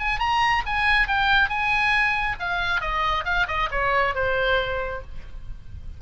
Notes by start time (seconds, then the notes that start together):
0.00 G#5
0.20 A#5
0.66 G#5
1.08 G5
1.49 G#5
2.40 F5
2.81 D#5
3.25 F5
3.48 D#5
3.72 C#5
4.15 C5